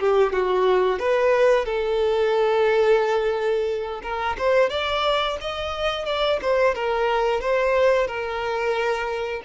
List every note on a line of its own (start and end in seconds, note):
0.00 0.33 G4
0.33 0.99 F#4
0.99 1.65 B4
1.65 4.01 A4
4.03 4.37 A#4
4.38 4.70 C5
4.70 5.37 D5
5.41 6.06 D#5
6.06 6.40 D5
6.42 6.75 C5
6.75 7.41 A#4
7.41 8.07 C5
8.07 9.42 A#4